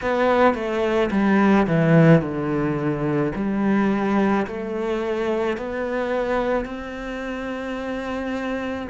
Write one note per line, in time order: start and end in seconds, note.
0.02 0.54 B3
0.54 1.10 A3
1.11 1.66 G3
1.67 2.21 E3
2.21 3.32 D3
3.35 4.46 G3
4.46 5.57 A3
5.57 6.65 B3
6.65 8.87 C4